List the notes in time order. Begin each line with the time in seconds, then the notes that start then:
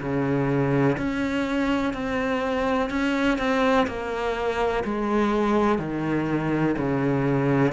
0.00 C#3
0.97 C#4
1.93 C4
2.90 C#4
3.38 C4
3.87 A#3
4.84 G#3
5.78 D#3
6.77 C#3